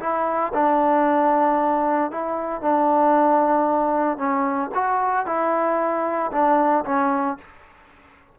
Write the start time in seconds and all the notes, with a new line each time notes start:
0.00 E4
0.54 D4
2.11 E4
2.62 D4
4.18 C#4
4.74 F#4
5.26 E4
6.32 D4
6.85 C#4